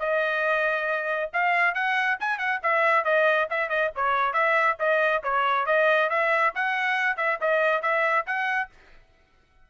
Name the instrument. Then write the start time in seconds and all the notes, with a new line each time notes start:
trumpet
0.00 D#5
1.33 F5
1.75 F#5
2.20 G#5
2.39 F#5
2.63 E5
3.05 D#5
3.50 E5
3.69 D#5
3.96 C#5
4.33 E5
4.79 D#5
5.24 C#5
5.66 D#5
6.10 E5
6.55 F#5
7.17 E5
7.41 D#5
7.82 E5
8.26 F#5